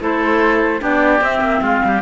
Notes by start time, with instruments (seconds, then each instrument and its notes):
0.00 cello A3, clarinet E4, oboe A4, flute C5
0.80 cello B3, clarinet D4, oboe G4, flute D5
1.21 cello C4, clarinet C4, flute E5
1.41 cello A#3
1.61 cello G#3, oboe F4, flute F5
1.85 cello G3, oboe G4